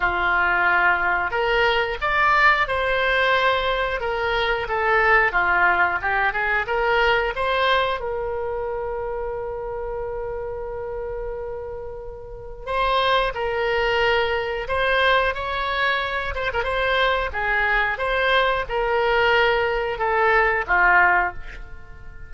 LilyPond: \new Staff \with { instrumentName = "oboe" } { \time 4/4 \tempo 4 = 90 f'2 ais'4 d''4 | c''2 ais'4 a'4 | f'4 g'8 gis'8 ais'4 c''4 | ais'1~ |
ais'2. c''4 | ais'2 c''4 cis''4~ | cis''8 c''16 ais'16 c''4 gis'4 c''4 | ais'2 a'4 f'4 | }